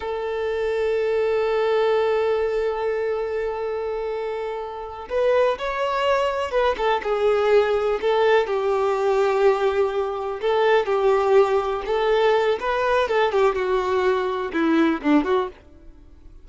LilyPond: \new Staff \with { instrumentName = "violin" } { \time 4/4 \tempo 4 = 124 a'1~ | a'1~ | a'2~ a'8 b'4 cis''8~ | cis''4. b'8 a'8 gis'4.~ |
gis'8 a'4 g'2~ g'8~ | g'4. a'4 g'4.~ | g'8 a'4. b'4 a'8 g'8 | fis'2 e'4 d'8 fis'8 | }